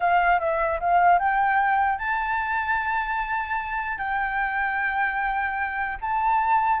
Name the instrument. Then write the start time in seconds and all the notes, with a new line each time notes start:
flute
0.00 F5
0.39 E5
0.80 F5
1.18 G5
1.98 A5
3.98 G5
6.01 A5